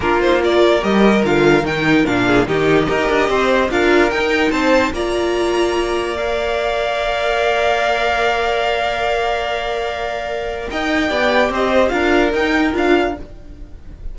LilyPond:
<<
  \new Staff \with { instrumentName = "violin" } { \time 4/4 \tempo 4 = 146 ais'8 c''8 d''4 dis''4 f''4 | g''4 f''4 dis''2~ | dis''4 f''4 g''4 a''4 | ais''2. f''4~ |
f''1~ | f''1~ | f''2 g''2 | dis''4 f''4 g''4 f''4 | }
  \new Staff \with { instrumentName = "violin" } { \time 4/4 f'4 ais'2.~ | ais'4. gis'8 g'4 ais'4 | c''4 ais'2 c''4 | d''1~ |
d''1~ | d''1~ | d''2 dis''4 d''4 | c''4 ais'2. | }
  \new Staff \with { instrumentName = "viola" } { \time 4/4 d'8 dis'8 f'4 g'4 f'4 | dis'4 d'4 dis'4 g'4~ | g'4 f'4 dis'2 | f'2. ais'4~ |
ais'1~ | ais'1~ | ais'2. g'4~ | g'4 f'4 dis'4 f'4 | }
  \new Staff \with { instrumentName = "cello" } { \time 4/4 ais2 g4 d4 | dis4 ais,4 dis4 dis'8 d'8 | c'4 d'4 dis'4 c'4 | ais1~ |
ais1~ | ais1~ | ais2 dis'4 b4 | c'4 d'4 dis'4 d'4 | }
>>